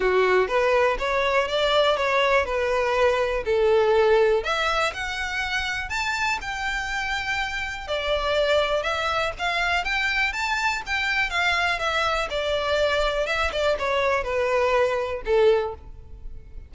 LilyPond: \new Staff \with { instrumentName = "violin" } { \time 4/4 \tempo 4 = 122 fis'4 b'4 cis''4 d''4 | cis''4 b'2 a'4~ | a'4 e''4 fis''2 | a''4 g''2. |
d''2 e''4 f''4 | g''4 a''4 g''4 f''4 | e''4 d''2 e''8 d''8 | cis''4 b'2 a'4 | }